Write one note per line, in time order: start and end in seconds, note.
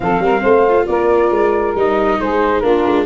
0.00 0.19 F3
0.00 0.66 C4
0.00 0.23 A4
0.00 0.86 F5
0.19 0.41 G3
0.19 0.41 A#4
0.41 0.87 A3
0.41 0.85 C5
0.68 1.76 F4
0.86 1.30 A#3
0.86 2.19 A#4
0.86 1.74 D5
1.30 1.74 G#3
1.74 2.18 G3
1.74 2.63 D#4
1.74 2.20 D#5
2.19 2.62 G#3
2.19 2.62 G#4
2.19 2.60 C5
2.60 2.84 A#3
2.60 3.05 D4
2.60 3.05 F4
2.60 3.03 A#4
2.86 3.05 G#3